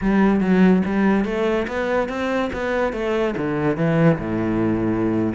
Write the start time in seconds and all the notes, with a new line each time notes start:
0.01 G3
0.40 F#3
0.85 G3
1.25 A3
1.67 B3
2.08 C4
2.53 B3
2.92 A3
3.37 D3
3.76 E3
4.18 A2